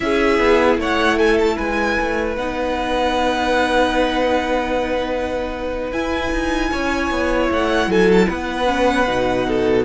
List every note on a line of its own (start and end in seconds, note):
0.00 0.38 C#4
0.00 2.37 E4
0.00 0.80 G#4
0.00 0.78 E5
0.38 0.77 B3
0.77 1.56 A3
0.77 1.17 C#5
0.77 1.18 F#5
1.17 1.56 A4
1.17 1.38 G#5
1.39 1.57 A5
1.56 1.98 G#3
1.56 6.69 B4
1.56 2.36 G#5
1.99 2.36 A3
2.36 5.91 B3
2.36 5.92 D#4
2.36 5.91 F#5
5.91 6.31 E4
5.91 8.65 E4
5.91 7.49 G#5
6.31 6.71 D#4
6.72 7.10 C#4
6.72 7.89 C#5
7.10 7.49 B3
7.50 7.87 A3
7.50 7.91 F#5
7.87 8.26 F#3
7.87 8.28 A4
7.87 8.11 G#5
8.11 8.29 A5
8.28 9.07 B3
8.28 9.46 B4
8.28 9.85 F#5
8.65 9.05 C#4
9.07 9.85 B2
9.07 9.85 D#4
9.47 9.85 A4